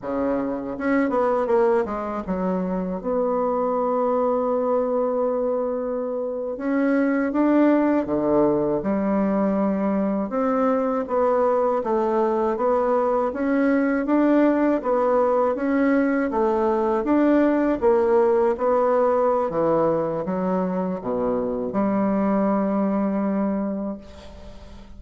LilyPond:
\new Staff \with { instrumentName = "bassoon" } { \time 4/4 \tempo 4 = 80 cis4 cis'8 b8 ais8 gis8 fis4 | b1~ | b8. cis'4 d'4 d4 g16~ | g4.~ g16 c'4 b4 a16~ |
a8. b4 cis'4 d'4 b16~ | b8. cis'4 a4 d'4 ais16~ | ais8. b4~ b16 e4 fis4 | b,4 g2. | }